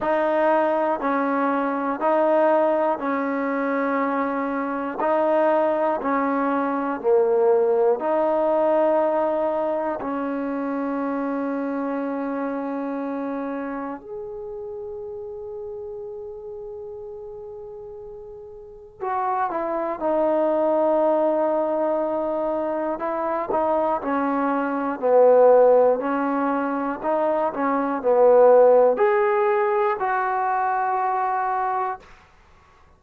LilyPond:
\new Staff \with { instrumentName = "trombone" } { \time 4/4 \tempo 4 = 60 dis'4 cis'4 dis'4 cis'4~ | cis'4 dis'4 cis'4 ais4 | dis'2 cis'2~ | cis'2 gis'2~ |
gis'2. fis'8 e'8 | dis'2. e'8 dis'8 | cis'4 b4 cis'4 dis'8 cis'8 | b4 gis'4 fis'2 | }